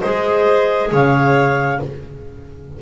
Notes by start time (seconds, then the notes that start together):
0.00 G#3 G#4 C5 D#5
0.91 C#3 C#5 F5